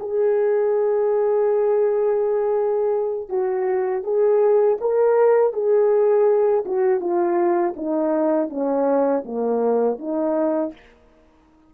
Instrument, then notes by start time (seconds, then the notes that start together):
horn
0.00 G#4
3.29 F#4
4.04 G#4
4.81 A#4
5.53 G#4
6.66 F#4
7.00 F4
7.76 D#4
8.50 C#4
9.26 A#3
9.99 D#4